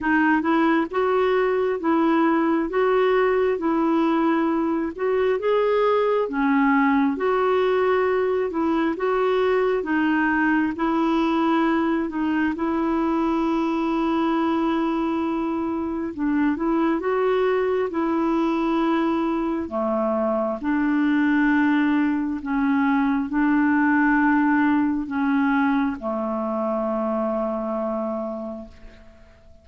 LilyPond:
\new Staff \with { instrumentName = "clarinet" } { \time 4/4 \tempo 4 = 67 dis'8 e'8 fis'4 e'4 fis'4 | e'4. fis'8 gis'4 cis'4 | fis'4. e'8 fis'4 dis'4 | e'4. dis'8 e'2~ |
e'2 d'8 e'8 fis'4 | e'2 a4 d'4~ | d'4 cis'4 d'2 | cis'4 a2. | }